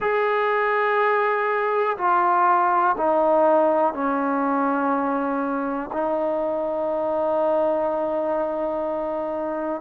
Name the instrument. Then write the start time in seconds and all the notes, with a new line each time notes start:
trombone
0.00 G#4
1.97 F4
2.97 D#4
3.93 C#4
5.92 D#4